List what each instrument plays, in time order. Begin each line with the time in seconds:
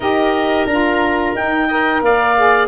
0.00 tuba D#4, saxophone G4, oboe A#4, clarinet D#5
0.65 tuba D4, saxophone F4, clarinet A#5
1.34 tuba D#4, saxophone D#4, clarinet G5
1.67 saxophone A#4, oboe D#5
2.01 tuba A#3, oboe D5, clarinet F5
2.36 saxophone G#4